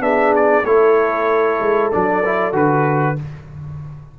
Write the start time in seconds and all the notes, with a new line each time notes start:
0.00 B3 D4 G#4 E5
0.36 D5
0.64 A3 E4 A4 C#5
1.60 G#3
1.92 F#3 D4 D5
2.25 E4
2.52 D3 F#4 B4